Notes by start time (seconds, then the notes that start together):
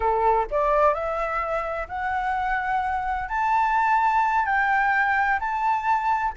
0.00 A4
0.50 D5
0.94 E5
1.88 F#5
3.28 A5
4.45 G5
5.39 A5